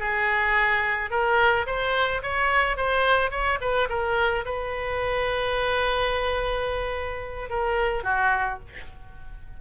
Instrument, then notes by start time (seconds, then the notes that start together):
oboe
0.00 G#4
1.11 A#4
1.67 C5
2.23 C#5
2.77 C5
3.31 C#5
3.61 B4
3.90 A#4
4.45 B4
7.50 A#4
8.04 F#4